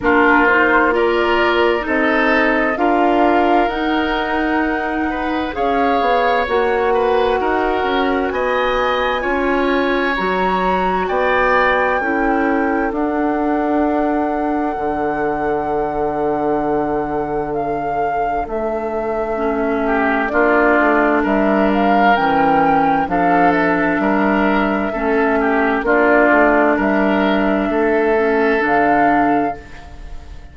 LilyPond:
<<
  \new Staff \with { instrumentName = "flute" } { \time 4/4 \tempo 4 = 65 ais'8 c''8 d''4 dis''4 f''4 | fis''2 f''4 fis''4~ | fis''4 gis''2 ais''4 | g''2 fis''2~ |
fis''2. f''4 | e''2 d''4 e''8 f''8 | g''4 f''8 e''2~ e''8 | d''4 e''2 f''4 | }
  \new Staff \with { instrumentName = "oboe" } { \time 4/4 f'4 ais'4 a'4 ais'4~ | ais'4. b'8 cis''4. b'8 | ais'4 dis''4 cis''2 | d''4 a'2.~ |
a'1~ | a'4. g'8 f'4 ais'4~ | ais'4 a'4 ais'4 a'8 g'8 | f'4 ais'4 a'2 | }
  \new Staff \with { instrumentName = "clarinet" } { \time 4/4 d'8 dis'8 f'4 dis'4 f'4 | dis'2 gis'4 fis'4~ | fis'2 f'4 fis'4~ | fis'4 e'4 d'2~ |
d'1~ | d'4 cis'4 d'2 | cis'4 d'2 cis'4 | d'2~ d'8 cis'8 d'4 | }
  \new Staff \with { instrumentName = "bassoon" } { \time 4/4 ais2 c'4 d'4 | dis'2 cis'8 b8 ais4 | dis'8 cis'8 b4 cis'4 fis4 | b4 cis'4 d'2 |
d1 | a2 ais8 a8 g4 | e4 f4 g4 a4 | ais8 a8 g4 a4 d4 | }
>>